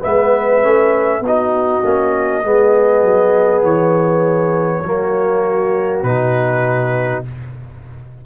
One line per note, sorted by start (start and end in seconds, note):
0.00 0.63 G#3
0.00 0.61 B3
0.00 1.20 B4
0.00 1.23 E5
0.61 1.20 A3
0.61 1.21 C#4
1.20 1.80 B3
1.20 2.46 F#4
1.26 1.83 D#4
1.26 3.64 D#5
1.83 2.43 A#3
1.83 2.43 C#4
2.43 3.02 G#3
2.43 4.83 B3
2.43 4.85 G#4
3.03 3.62 F#3
3.62 4.82 E3
3.62 6.02 C#5
4.83 6.03 F#3
4.83 6.04 A#3
4.83 7.25 F#4
6.02 7.23 B2
6.02 7.25 D#4
6.02 7.22 B4